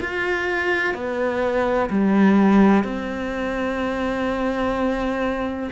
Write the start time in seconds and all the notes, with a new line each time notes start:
0.00 F4
0.94 B3
1.90 G3
2.84 C4